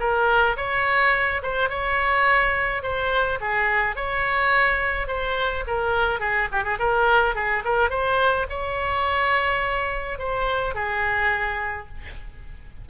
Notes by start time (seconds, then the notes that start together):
0.00 A#4
0.57 C#5
1.43 C5
1.70 C#5
2.83 C5
3.41 G#4
3.96 C#5
5.08 C5
5.67 A#4
6.20 G#4
6.52 G4
6.64 G#4
6.79 A#4
7.35 G#4
7.65 A#4
7.90 C5
8.50 C#5
10.19 C5
10.75 G#4